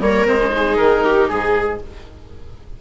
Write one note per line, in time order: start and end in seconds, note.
0.00 0.25 G3
0.00 0.26 A#3
0.00 0.53 A#4
0.00 0.27 C#5
0.26 0.78 G#3
0.26 0.38 C4
0.26 0.76 C5
0.41 0.50 C#4
0.50 1.77 D#4
0.56 1.04 G#4
0.76 1.29 D#3
0.76 1.27 A#4
1.04 1.30 G4
1.28 1.80 G#2
1.28 1.79 G#4
1.28 1.81 G#4